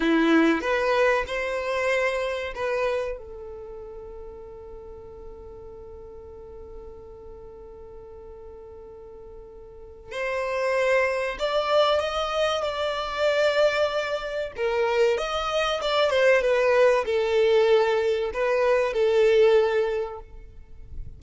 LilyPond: \new Staff \with { instrumentName = "violin" } { \time 4/4 \tempo 4 = 95 e'4 b'4 c''2 | b'4 a'2.~ | a'1~ | a'1 |
c''2 d''4 dis''4 | d''2. ais'4 | dis''4 d''8 c''8 b'4 a'4~ | a'4 b'4 a'2 | }